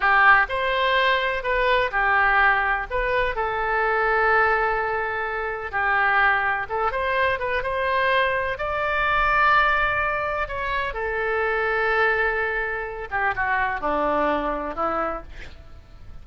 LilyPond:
\new Staff \with { instrumentName = "oboe" } { \time 4/4 \tempo 4 = 126 g'4 c''2 b'4 | g'2 b'4 a'4~ | a'1 | g'2 a'8 c''4 b'8 |
c''2 d''2~ | d''2 cis''4 a'4~ | a'2.~ a'8 g'8 | fis'4 d'2 e'4 | }